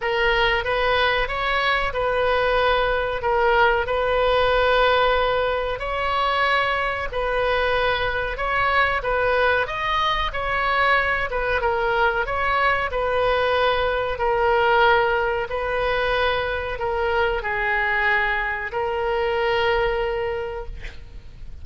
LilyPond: \new Staff \with { instrumentName = "oboe" } { \time 4/4 \tempo 4 = 93 ais'4 b'4 cis''4 b'4~ | b'4 ais'4 b'2~ | b'4 cis''2 b'4~ | b'4 cis''4 b'4 dis''4 |
cis''4. b'8 ais'4 cis''4 | b'2 ais'2 | b'2 ais'4 gis'4~ | gis'4 ais'2. | }